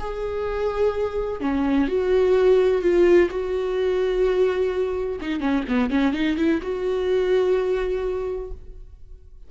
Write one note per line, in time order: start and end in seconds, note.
0.00 1.41 G#4
1.41 1.88 C#4
1.89 2.82 F#4
2.82 3.29 F4
3.31 5.20 F#4
5.22 5.41 D#4
5.41 5.65 C#4
5.69 5.91 B3
5.91 6.14 C#4
6.14 6.38 D#4
6.38 6.61 E4
6.63 8.52 F#4